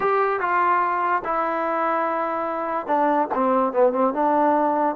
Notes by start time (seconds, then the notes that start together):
0.00 G4
0.39 F4
1.24 E4
2.86 D4
3.34 C4
3.72 B3
3.93 C4
4.13 D4